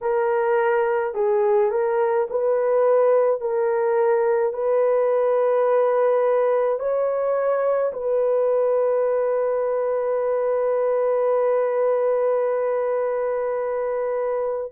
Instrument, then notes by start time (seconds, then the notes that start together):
horn
0.01 A#4
1.14 G#4
1.70 A#4
2.30 B4
3.40 A#4
4.53 B4
6.79 C#5
7.92 B4